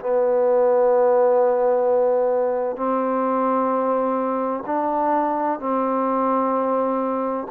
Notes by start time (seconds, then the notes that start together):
0.00 B3
2.76 C4
4.66 D4
5.60 C4